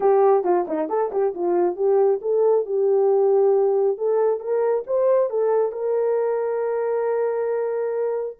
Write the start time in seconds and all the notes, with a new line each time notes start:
0.00 G4
0.44 F4
0.67 D#4
0.89 A4
1.11 G4
1.34 F4
1.75 G4
2.21 A4
2.65 G4
3.97 A4
4.39 A#4
4.86 C5
5.29 A4
5.72 A#4